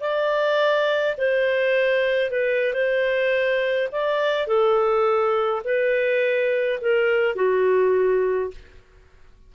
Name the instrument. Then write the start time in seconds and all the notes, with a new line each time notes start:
clarinet
0.00 D5
1.17 C5
2.31 B4
2.73 C5
3.92 D5
4.47 A4
5.64 B4
6.81 A#4
7.35 F#4